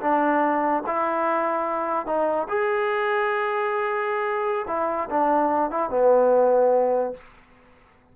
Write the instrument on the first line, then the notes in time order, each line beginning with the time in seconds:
trombone
0.00 D4
0.86 E4
2.06 D#4
2.48 G#4
4.67 E4
5.10 D4
5.70 E4
5.89 B3